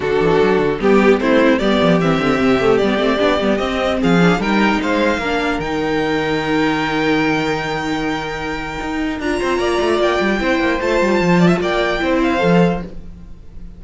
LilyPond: <<
  \new Staff \with { instrumentName = "violin" } { \time 4/4 \tempo 4 = 150 a'2 g'4 c''4 | d''4 e''2 d''4~ | d''4 dis''4 f''4 g''4 | f''2 g''2~ |
g''1~ | g''2. ais''4~ | ais''4 g''2 a''4~ | a''4 g''4. f''4. | }
  \new Staff \with { instrumentName = "violin" } { \time 4/4 fis'2 g'4 e'4 | g'1~ | g'2 gis'4 ais'4 | c''4 ais'2.~ |
ais'1~ | ais'2.~ ais'8 c''8 | d''2 c''2~ | c''8 d''16 e''16 d''4 c''2 | }
  \new Staff \with { instrumentName = "viola" } { \time 4/4 d'2 b4 c'4 | b4 c'4. a8 b8 c'8 | d'8 b8 c'4. d'8 dis'4~ | dis'4 d'4 dis'2~ |
dis'1~ | dis'2. f'4~ | f'2 e'4 f'4~ | f'2 e'4 a'4 | }
  \new Staff \with { instrumentName = "cello" } { \time 4/4 d8 e8 fis8 d8 g4 a4 | g8 f8 e8 d8 c4 g8 a8 | b8 g8 c'4 f4 g4 | gis4 ais4 dis2~ |
dis1~ | dis2 dis'4 d'8 c'8 | ais8 a8 ais8 g8 c'8 ais8 a8 g8 | f4 ais4 c'4 f4 | }
>>